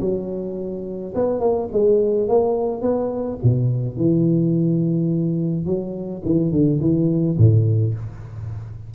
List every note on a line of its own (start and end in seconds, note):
0.00 1.13 F#3
1.14 1.40 B3
1.40 1.68 A#3
1.72 2.28 G#3
2.28 2.81 A#3
2.81 3.38 B3
3.43 3.97 B2
3.97 5.66 E3
5.66 6.22 F#3
6.25 6.51 E3
6.51 6.80 D3
6.80 7.37 E3
7.37 7.94 A2